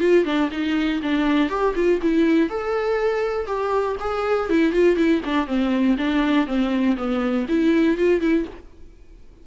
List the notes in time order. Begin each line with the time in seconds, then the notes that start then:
0.00 F4
0.25 D4
0.51 D#4
1.02 D4
1.50 G4
1.75 F4
2.02 E4
2.49 A4
3.46 G4
4.00 G#4
4.50 E4
4.72 F4
4.96 E4
5.24 D4
5.46 C4
5.98 D4
6.47 C4
6.96 B3
7.48 E4
7.97 F4
8.21 E4